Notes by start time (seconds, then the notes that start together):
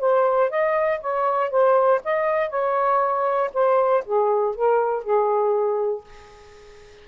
0.00 C5
0.50 D#5
1.01 C#5
1.51 C5
2.05 D#5
2.50 C#5
3.54 C5
4.06 G#4
4.55 A#4
5.04 G#4